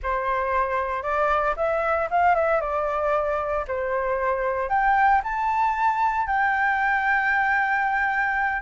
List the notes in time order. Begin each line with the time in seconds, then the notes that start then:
0.02 C5
1.02 D5
1.56 E5
2.10 F5
2.35 E5
2.60 D5
3.67 C5
4.69 G5
5.23 A5
6.27 G5